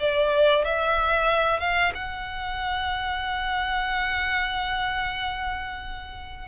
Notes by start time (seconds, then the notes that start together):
0.00 D5
0.65 E5
1.60 F5
1.95 F#5